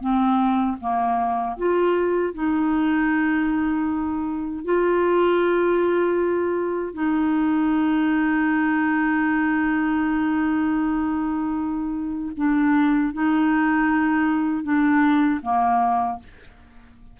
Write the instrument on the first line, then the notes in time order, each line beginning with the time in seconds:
clarinet
0.00 C4
0.80 A#3
1.57 F4
2.34 D#4
4.65 F4
6.94 D#4
12.37 D4
13.13 D#4
14.63 D4
15.42 A#3